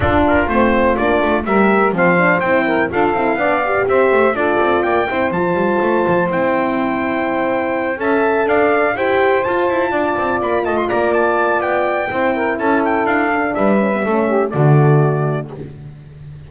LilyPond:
<<
  \new Staff \with { instrumentName = "trumpet" } { \time 4/4 \tempo 4 = 124 a'8 ais'8 c''4 d''4 e''4 | f''4 g''4 f''2 | e''4 d''4 g''4 a''4~ | a''4 g''2.~ |
g''8 a''4 f''4 g''4 a''8~ | a''4. b''8 a''16 c'''16 ais''8 a''4 | g''2 a''8 g''8 f''4 | e''2 d''2 | }
  \new Staff \with { instrumentName = "saxophone" } { \time 4/4 f'2. ais'4 | c''4. ais'8 a'4 d''4 | c''4 a'4 d''8 c''4.~ | c''1~ |
c''8 e''4 d''4 c''4.~ | c''8 d''4. dis''8 d''4.~ | d''4 c''8 ais'8 a'2 | b'4 a'8 g'8 fis'2 | }
  \new Staff \with { instrumentName = "horn" } { \time 4/4 d'4 c'4 d'4 g'4 | c'8 d'8 e'4 f'8 e'8 d'8 g'8~ | g'4 f'4. e'8 f'4~ | f'4 e'2.~ |
e'8 a'2 g'4 f'8~ | f'1~ | f'4 e'2~ e'8 d'8~ | d'8 cis'16 b16 cis'4 a2 | }
  \new Staff \with { instrumentName = "double bass" } { \time 4/4 d'4 a4 ais8 a8 g4 | f4 c'4 d'8 c'8 b4 | c'8 a8 d'8 c'8 ais8 c'8 f8 g8 | a8 f8 c'2.~ |
c'8 cis'4 d'4 e'4 f'8 | e'8 d'8 c'8 ais8 a8 ais4. | b4 c'4 cis'4 d'4 | g4 a4 d2 | }
>>